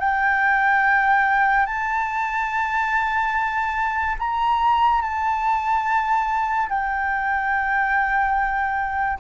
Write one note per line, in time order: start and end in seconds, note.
0.00 1.67 G5
1.67 4.17 A5
4.19 5.02 A#5
5.02 6.69 A5
6.69 9.19 G5